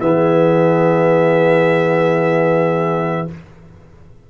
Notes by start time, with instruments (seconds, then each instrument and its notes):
0.00 tuba E3, trombone B3, horn G#4, trumpet E5